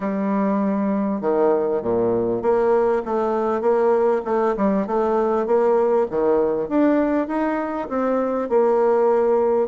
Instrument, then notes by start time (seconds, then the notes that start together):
bassoon
0.00 G3
1.21 D#3
1.82 A#2
2.41 A#3
3.05 A3
3.61 A#3
4.25 A3
4.56 G3
4.87 A3
5.46 A#3
6.10 D#3
6.68 D4
7.27 D#4
7.88 C4
8.48 A#3